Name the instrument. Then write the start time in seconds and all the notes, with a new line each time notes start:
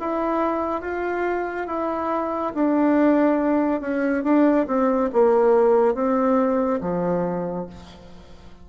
bassoon
0.00 E4
0.81 F4
1.67 E4
2.55 D4
3.81 C#4
4.24 D4
4.68 C4
5.13 A#3
5.95 C4
6.81 F3